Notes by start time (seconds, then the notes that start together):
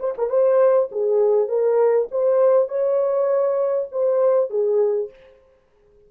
0.00 C5
0.18 A#4
0.30 C5
0.92 G#4
1.49 A#4
2.12 C5
2.69 C#5
3.92 C5
4.51 G#4